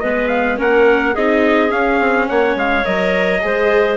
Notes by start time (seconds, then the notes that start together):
0.00 G#3 B3 B4 D#5
0.28 F5
0.57 A#3 C#4 A#4 F#5
1.14 C4 D#4 G#4 D#5
1.69 C#4 F5
2.00 C4
2.29 A#3 C#5 F#5
2.56 G#3 F5
2.84 F#3 A#4 D#5
3.41 G#3 G#4 C5